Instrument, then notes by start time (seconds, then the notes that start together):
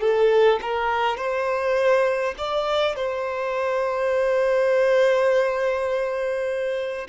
violin
0.00 A4
0.61 A#4
1.17 C5
2.37 D5
2.95 C5